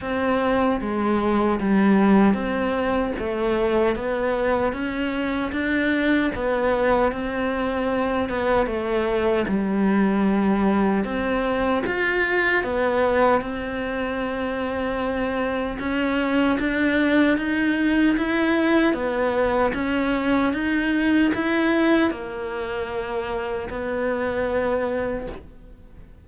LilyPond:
\new Staff \with { instrumentName = "cello" } { \time 4/4 \tempo 4 = 76 c'4 gis4 g4 c'4 | a4 b4 cis'4 d'4 | b4 c'4. b8 a4 | g2 c'4 f'4 |
b4 c'2. | cis'4 d'4 dis'4 e'4 | b4 cis'4 dis'4 e'4 | ais2 b2 | }